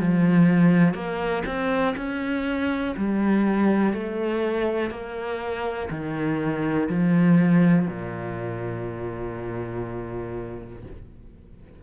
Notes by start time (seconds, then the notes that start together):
0.00 F3
0.94 A#3
1.46 C4
1.97 C#4
2.97 G3
3.93 A3
4.91 A#3
5.91 D#3
6.89 F3
7.88 A#2